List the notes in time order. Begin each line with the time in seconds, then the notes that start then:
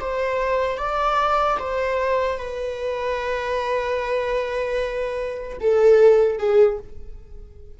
0.00 C5
0.77 D5
1.59 C5
2.38 B4
5.60 A4
6.38 G#4